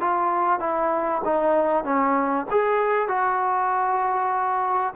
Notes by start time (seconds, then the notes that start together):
0.00 F4
0.60 E4
1.25 D#4
1.84 C#4
2.51 G#4
3.08 F#4